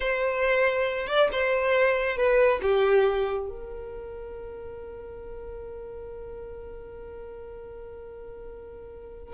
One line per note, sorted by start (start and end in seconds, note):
0.00 1.07 C5
1.07 1.29 D5
1.32 2.16 C5
2.16 2.60 B4
2.61 3.48 G4
3.48 9.34 A#4